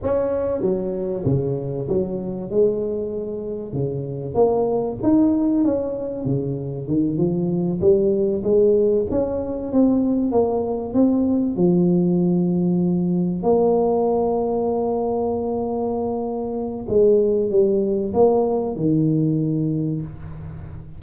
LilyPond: \new Staff \with { instrumentName = "tuba" } { \time 4/4 \tempo 4 = 96 cis'4 fis4 cis4 fis4 | gis2 cis4 ais4 | dis'4 cis'4 cis4 dis8 f8~ | f8 g4 gis4 cis'4 c'8~ |
c'8 ais4 c'4 f4.~ | f4. ais2~ ais8~ | ais2. gis4 | g4 ais4 dis2 | }